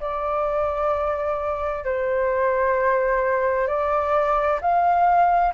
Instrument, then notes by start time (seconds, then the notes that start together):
flute
0.00 D5
1.84 C5
3.67 D5
4.61 F5